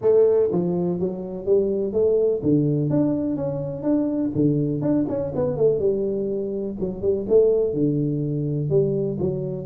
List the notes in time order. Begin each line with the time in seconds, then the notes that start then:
0.01 A3
0.51 F3
0.99 F#3
1.45 G3
1.92 A3
2.42 D3
2.89 D4
3.36 C#4
3.82 D4
4.35 D3
4.81 D4
5.08 C#4
5.35 B3
5.56 A3
5.79 G3
6.79 F#3
7.01 G3
7.28 A3
7.73 D3
8.69 G3
9.19 F#3